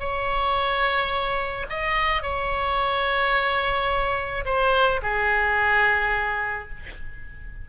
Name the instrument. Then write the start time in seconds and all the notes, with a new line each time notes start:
oboe
0.00 C#5
1.70 D#5
2.23 C#5
4.46 C5
5.03 G#4